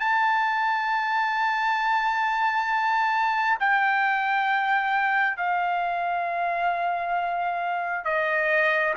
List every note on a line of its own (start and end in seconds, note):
0.00 3.58 A5
3.60 5.37 G5
5.37 8.05 F5
8.05 8.94 D#5